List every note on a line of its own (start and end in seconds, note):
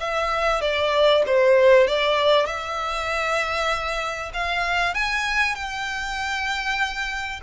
0.00 0.61 E5
0.61 1.23 D5
1.27 1.87 C5
1.87 2.46 D5
2.46 4.32 E5
4.34 4.94 F5
4.94 5.55 G#5
5.55 7.41 G5